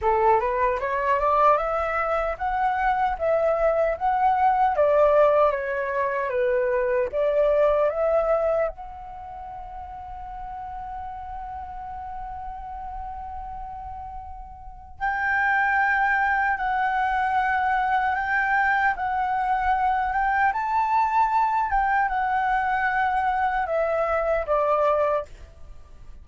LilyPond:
\new Staff \with { instrumentName = "flute" } { \time 4/4 \tempo 4 = 76 a'8 b'8 cis''8 d''8 e''4 fis''4 | e''4 fis''4 d''4 cis''4 | b'4 d''4 e''4 fis''4~ | fis''1~ |
fis''2. g''4~ | g''4 fis''2 g''4 | fis''4. g''8 a''4. g''8 | fis''2 e''4 d''4 | }